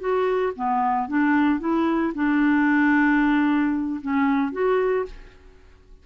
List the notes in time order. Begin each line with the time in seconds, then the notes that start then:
0.00 F#4
0.56 B3
1.09 D4
1.60 E4
2.15 D4
4.02 C#4
4.53 F#4